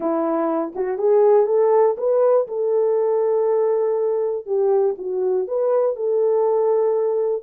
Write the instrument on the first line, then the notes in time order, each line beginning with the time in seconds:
horn
0.00 E4
0.75 F#4
0.98 G#4
1.46 A4
1.97 B4
2.47 A4
4.46 G4
4.98 F#4
5.47 B4
5.96 A4